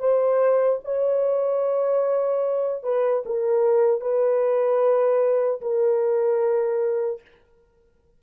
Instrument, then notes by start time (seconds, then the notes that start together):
horn
0.00 C5
0.85 C#5
2.84 B4
3.25 A#4
4.01 B4
5.61 A#4